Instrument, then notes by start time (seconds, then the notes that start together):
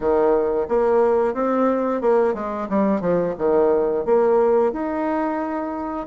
bassoon
0.00 D#3
0.68 A#3
1.34 C4
2.01 A#3
2.34 G#3
2.69 G3
3.00 F3
3.38 D#3
4.05 A#3
4.72 D#4